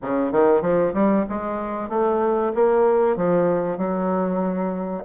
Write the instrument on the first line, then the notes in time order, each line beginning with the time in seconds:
bassoon
0.01 C#3
0.32 D#3
0.61 F3
0.93 G3
1.29 G#3
1.89 A3
2.54 A#3
3.16 F3
3.77 F#3